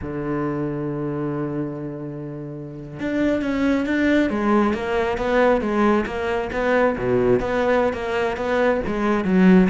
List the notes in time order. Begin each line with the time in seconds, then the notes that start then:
0.01 D3
2.99 D4
3.42 C#4
3.86 D4
4.30 G#3
4.73 A#3
5.17 B3
5.61 G#3
6.06 A#3
6.52 B3
6.98 B2
7.40 B3
7.93 A#3
8.36 B3
8.86 G#3
9.24 F#3